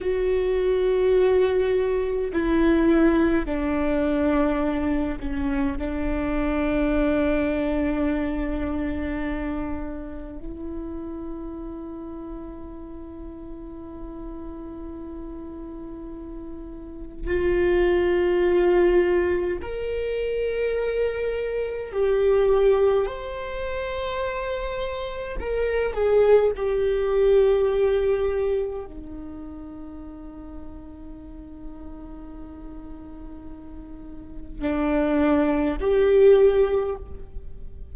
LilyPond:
\new Staff \with { instrumentName = "viola" } { \time 4/4 \tempo 4 = 52 fis'2 e'4 d'4~ | d'8 cis'8 d'2.~ | d'4 e'2.~ | e'2. f'4~ |
f'4 ais'2 g'4 | c''2 ais'8 gis'8 g'4~ | g'4 dis'2.~ | dis'2 d'4 g'4 | }